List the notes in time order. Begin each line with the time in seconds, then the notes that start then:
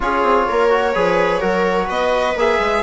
0.00 C#4 F4 G#4 C#5
0.22 C4
0.47 A#3 A#4
0.70 F#4
0.94 F3 G#4 B4
1.40 F#3 F#4 A#4
1.85 B3 B4 D#5
2.35 A#3 G#4 E5
2.59 G#3